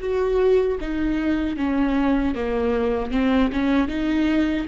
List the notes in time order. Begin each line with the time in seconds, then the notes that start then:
0.00 F#4
0.81 D#4
1.57 C#4
2.34 A#3
3.11 C4
3.52 C#4
3.88 D#4